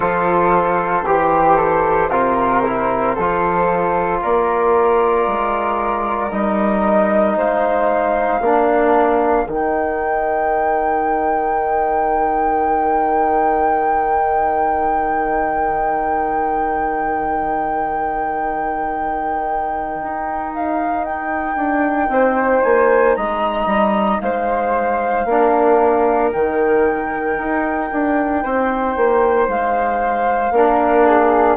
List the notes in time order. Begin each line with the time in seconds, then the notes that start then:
0.00 F3 F4 A4 C5
1.05 E3 G4
1.56 A4
2.09 C3 F4 A#4
2.64 E4
3.15 F3 F4 A4
4.21 A#3 A#4 D5
5.27 G#3
6.31 G3 D#4 D#5
7.36 G#3 C5 F5
8.40 A#3 D4 A#4
9.46 D#3 D#4 G5
20.02 D#4
20.53 F5
21.04 G5
21.56 D4
22.08 C4 C5
22.62 A#3 G#5
23.14 G#3 D#5 A#5
23.66 G3
24.20 G#3 C5 F5
25.25 A#3 D4 A#4
26.32 D#3 D#4 G5
27.37 D#4
27.92 D4
28.42 C4 C5
28.96 A#3
29.48 G#3 F5
30.50 A#3 D4 A#4
31.06 G#4